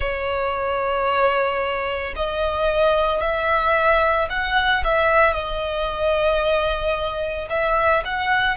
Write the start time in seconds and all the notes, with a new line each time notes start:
0.00 C#5
2.16 D#5
3.21 E5
4.29 F#5
4.84 E5
5.33 D#5
7.49 E5
8.05 F#5